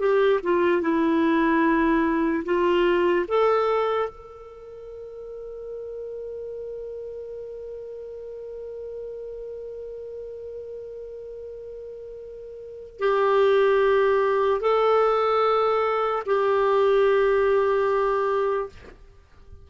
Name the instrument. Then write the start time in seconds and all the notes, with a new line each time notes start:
clarinet
0.00 G4
0.43 F4
0.82 E4
2.45 F4
3.28 A4
4.10 A#4
13.00 G4
14.61 A4
16.26 G4